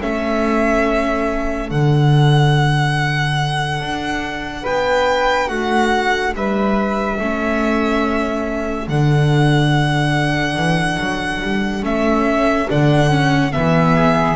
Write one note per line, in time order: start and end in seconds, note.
0.00 1.71 A3
0.00 1.69 C#4
0.00 4.63 A4
0.00 1.70 E5
1.69 3.80 D3
1.69 7.18 D4
1.69 4.66 F#5
3.80 4.64 D4
4.63 5.50 B3
4.63 5.48 B4
4.63 5.49 G5
5.48 6.34 A3
5.48 6.32 F#4
5.48 6.33 F#5
6.35 7.19 G3
6.35 7.20 B4
6.35 8.89 E5
7.20 8.88 A3
7.20 8.89 C#4
7.20 13.94 A4
8.88 10.56 D3
8.88 11.83 D4
8.88 11.84 F#5
10.56 10.98 E3
11.00 11.42 F#3
11.42 11.82 G3
11.82 12.67 A3
11.82 12.67 C#4
11.82 12.70 E5
12.70 13.56 D3
12.70 13.10 D4
12.70 13.53 F#5
13.10 13.52 C#4
13.52 14.36 E3
13.52 14.36 B3
13.52 14.36 E5
13.94 14.36 G#4